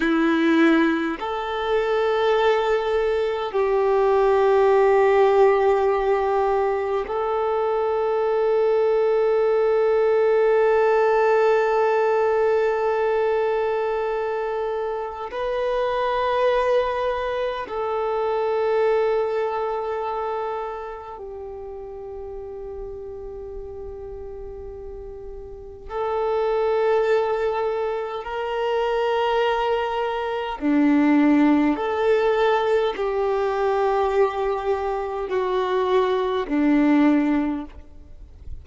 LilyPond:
\new Staff \with { instrumentName = "violin" } { \time 4/4 \tempo 4 = 51 e'4 a'2 g'4~ | g'2 a'2~ | a'1~ | a'4 b'2 a'4~ |
a'2 g'2~ | g'2 a'2 | ais'2 d'4 a'4 | g'2 fis'4 d'4 | }